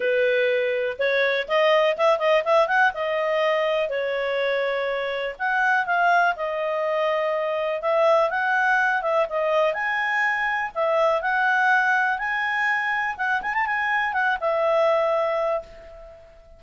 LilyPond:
\new Staff \with { instrumentName = "clarinet" } { \time 4/4 \tempo 4 = 123 b'2 cis''4 dis''4 | e''8 dis''8 e''8 fis''8 dis''2 | cis''2. fis''4 | f''4 dis''2. |
e''4 fis''4. e''8 dis''4 | gis''2 e''4 fis''4~ | fis''4 gis''2 fis''8 gis''16 a''16 | gis''4 fis''8 e''2~ e''8 | }